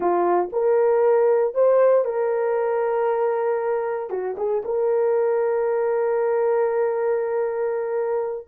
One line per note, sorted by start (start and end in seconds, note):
0.00 0.49 F4
0.52 1.54 A#4
1.54 2.04 C5
2.04 4.10 A#4
4.10 4.35 F#4
4.37 4.62 G#4
4.65 8.47 A#4